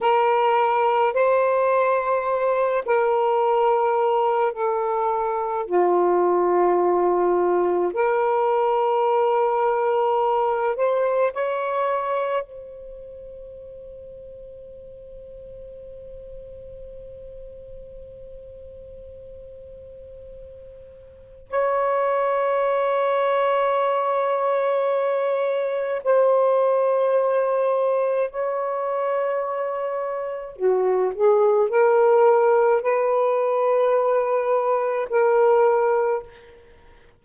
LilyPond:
\new Staff \with { instrumentName = "saxophone" } { \time 4/4 \tempo 4 = 53 ais'4 c''4. ais'4. | a'4 f'2 ais'4~ | ais'4. c''8 cis''4 c''4~ | c''1~ |
c''2. cis''4~ | cis''2. c''4~ | c''4 cis''2 fis'8 gis'8 | ais'4 b'2 ais'4 | }